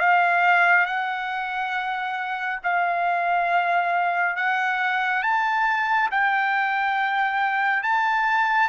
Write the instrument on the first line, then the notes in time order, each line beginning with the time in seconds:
trumpet
0.00 F5
0.87 F#5
2.64 F5
4.37 F#5
5.23 A5
6.12 G5
7.84 A5